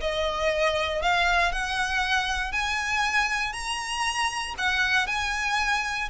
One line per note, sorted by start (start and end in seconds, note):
0.00 1.02 D#5
1.02 1.52 F5
1.52 2.52 F#5
2.52 3.53 G#5
3.53 4.54 A#5
4.58 5.07 F#5
5.07 6.08 G#5